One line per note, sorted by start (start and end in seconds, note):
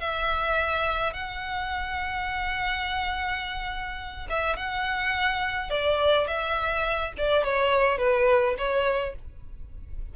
0.00 1.14 E5
1.14 4.28 F#5
4.30 4.56 E5
4.56 5.70 F#5
5.70 6.27 D5
6.27 7.13 E5
7.18 7.44 D5
7.44 7.98 C#5
7.98 8.55 B4
8.58 9.15 C#5